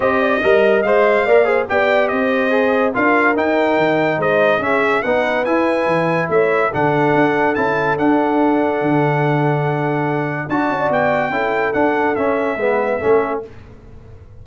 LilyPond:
<<
  \new Staff \with { instrumentName = "trumpet" } { \time 4/4 \tempo 4 = 143 dis''2 f''2 | g''4 dis''2 f''4 | g''2 dis''4 e''4 | fis''4 gis''2 e''4 |
fis''2 a''4 fis''4~ | fis''1~ | fis''4 a''4 g''2 | fis''4 e''2. | }
  \new Staff \with { instrumentName = "horn" } { \time 4/4 c''8 d''8 dis''2 d''8 c''8 | d''4 c''2 ais'4~ | ais'2 c''4 gis'4 | b'2. cis''4 |
a'1~ | a'1~ | a'4 d''8 d'16 d''4~ d''16 a'4~ | a'2 b'4 a'4 | }
  \new Staff \with { instrumentName = "trombone" } { \time 4/4 g'4 ais'4 c''4 ais'8 gis'8 | g'2 gis'4 f'4 | dis'2. cis'4 | dis'4 e'2. |
d'2 e'4 d'4~ | d'1~ | d'4 fis'2 e'4 | d'4 cis'4 b4 cis'4 | }
  \new Staff \with { instrumentName = "tuba" } { \time 4/4 c'4 g4 gis4 ais4 | b4 c'2 d'4 | dis'4 dis4 gis4 cis'4 | b4 e'4 e4 a4 |
d4 d'4 cis'4 d'4~ | d'4 d2.~ | d4 d'8 cis'8 b4 cis'4 | d'4 cis'4 gis4 a4 | }
>>